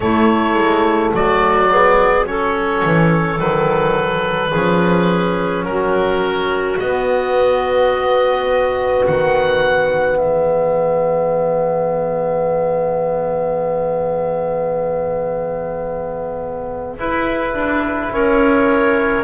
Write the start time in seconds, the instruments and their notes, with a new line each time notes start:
0.00 trombone A3, double bass A3, clarinet E4, oboe C#5
0.55 double bass G#3
1.13 double bass F#3, clarinet F#4, oboe D5
1.71 trombone B3, clarinet G#4
2.25 trombone C#4, clarinet A4, oboe C#5
2.85 double bass E3
3.38 double bass D#3, trombone F#3, oboe B4
4.51 double bass F3, trombone C#4, clarinet G#4
5.64 double bass F#3, clarinet F#4, oboe A#4
6.79 double bass B3, trombone B3, oboe D#5
9.06 double bass D#3, oboe F#5
10.17 double bass E3, clarinet G#4, oboe E5
16.98 trombone E4, double bass E4, oboe B4
17.54 double bass D4
18.11 double bass C#4, clarinet A#4, oboe C#5